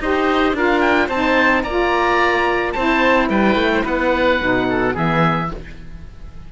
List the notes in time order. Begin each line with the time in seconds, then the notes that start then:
0.00 D#4 G4 C5 D#5
0.53 D4 F4 A#4 F5
0.81 G5
1.07 C4 D#4 C5 A5
1.64 A#3 F4 D5 A#5
2.72 C4 E4 C5 A5
3.30 G3 B4 G5
3.56 A3
3.74 C5
3.85 B3 B4 F#5
4.41 B2 D#4
4.70 A4
4.93 E3 B3 G#4 E5